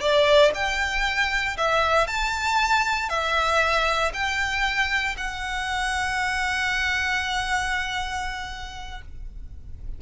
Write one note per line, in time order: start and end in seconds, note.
0.00 0.51 D5
0.54 1.56 G5
1.57 2.07 E5
2.07 3.09 A5
3.09 4.11 E5
4.13 5.16 G5
5.17 9.01 F#5